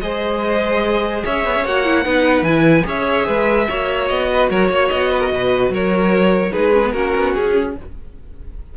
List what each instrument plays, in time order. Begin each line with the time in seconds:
0.00 cello G#3, viola G#4, violin C5 D#5
1.24 cello C#4, violin C#5 E5
1.45 cello B3
1.55 cello C#4
1.65 cello A#3, viola F#4, violin F#5
1.85 viola E4
2.04 cello B3, viola D#4, violin B4
2.42 cello E3, viola E4, violin G#5
2.83 cello C#4, viola G#4, violin C#5 E5
3.26 cello G#3, violin B4
3.68 cello A#3, viola F#4, violin C#5
4.08 cello B3, violin D#5
4.33 violin B4
4.50 cello F#3, violin A#4 C#5
4.69 cello A#3, violin C#5
4.89 cello B3, violin D#5
5.11 violin B4
5.19 violin A#4
5.32 cello B2, violin B4
5.69 cello F#3, violin A#4 C#5
6.51 cello G#3, viola D#4, violin G#4 B4
6.73 viola C#4
6.84 viola B3
6.92 cello A#3, viola C#4, violin F#4 A#4
7.16 cello B3
7.35 cello C#4, violin G#4